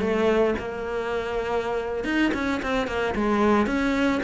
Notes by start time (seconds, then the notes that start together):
0.00 A3
0.59 A#3
2.05 D#4
2.34 C#4
2.63 C4
2.87 A#3
3.15 G#3
3.67 C#4